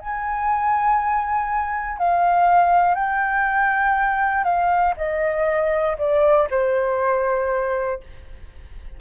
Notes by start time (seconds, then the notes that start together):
0.00 G#5
1.98 F5
2.95 G5
4.44 F5
4.97 D#5
5.99 D5
6.50 C5